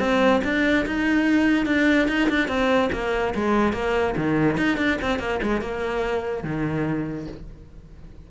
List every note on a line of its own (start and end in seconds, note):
0.00 0.42 C4
0.44 0.86 D4
0.86 1.67 D#4
1.67 2.08 D4
2.08 2.29 D#4
2.30 2.48 D4
2.48 2.90 C4
2.93 3.34 A#3
3.35 3.73 G#3
3.73 4.15 A#3
4.17 4.57 D#3
4.57 4.78 D#4
4.78 4.98 D4
5.02 5.20 C4
5.20 5.41 A#3
5.43 5.62 G#3
5.62 6.44 A#3
6.44 7.27 D#3